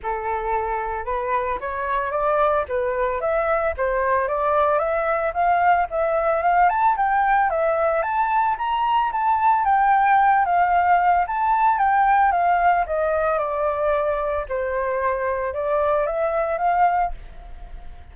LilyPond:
\new Staff \with { instrumentName = "flute" } { \time 4/4 \tempo 4 = 112 a'2 b'4 cis''4 | d''4 b'4 e''4 c''4 | d''4 e''4 f''4 e''4 | f''8 a''8 g''4 e''4 a''4 |
ais''4 a''4 g''4. f''8~ | f''4 a''4 g''4 f''4 | dis''4 d''2 c''4~ | c''4 d''4 e''4 f''4 | }